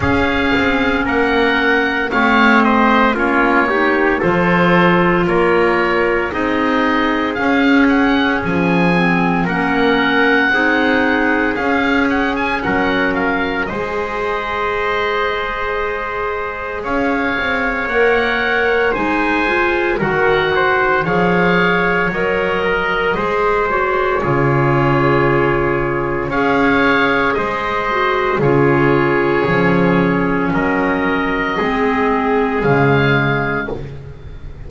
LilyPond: <<
  \new Staff \with { instrumentName = "oboe" } { \time 4/4 \tempo 4 = 57 f''4 fis''4 f''8 dis''8 cis''4 | c''4 cis''4 dis''4 f''8 fis''8 | gis''4 fis''2 f''8 fis''16 gis''16 | fis''8 f''8 dis''2. |
f''4 fis''4 gis''4 fis''4 | f''4 dis''4. cis''4.~ | cis''4 f''4 dis''4 cis''4~ | cis''4 dis''2 f''4 | }
  \new Staff \with { instrumentName = "trumpet" } { \time 4/4 gis'4 ais'4 cis''8 c''8 f'8 g'8 | a'4 ais'4 gis'2~ | gis'4 ais'4 gis'2 | ais'4 c''2. |
cis''2 c''4 ais'8 c''8 | cis''4. ais'8 c''4 gis'4~ | gis'4 cis''4 c''4 gis'4~ | gis'4 ais'4 gis'2 | }
  \new Staff \with { instrumentName = "clarinet" } { \time 4/4 cis'2 c'4 cis'8 dis'8 | f'2 dis'4 cis'4~ | cis'8 c'8 cis'4 dis'4 cis'4~ | cis'4 gis'2.~ |
gis'4 ais'4 dis'8 f'8 fis'4 | gis'4 ais'4 gis'8 fis'8 f'4~ | f'4 gis'4. fis'8 f'4 | cis'2 c'4 gis4 | }
  \new Staff \with { instrumentName = "double bass" } { \time 4/4 cis'8 c'8 ais4 a4 ais4 | f4 ais4 c'4 cis'4 | f4 ais4 c'4 cis'4 | fis4 gis2. |
cis'8 c'8 ais4 gis4 dis4 | f4 fis4 gis4 cis4~ | cis4 cis'4 gis4 cis4 | f4 fis4 gis4 cis4 | }
>>